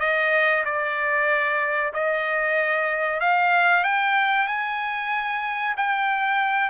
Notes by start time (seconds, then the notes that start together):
0.00 D#5
0.65 D5
1.93 D#5
3.20 F5
3.84 G5
4.47 G#5
5.77 G5